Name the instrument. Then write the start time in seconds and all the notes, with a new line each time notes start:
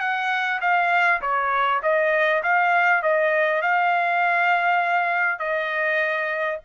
trumpet
0.00 F#5
0.61 F5
1.21 C#5
1.83 D#5
2.43 F5
3.03 D#5
3.62 F5
5.39 D#5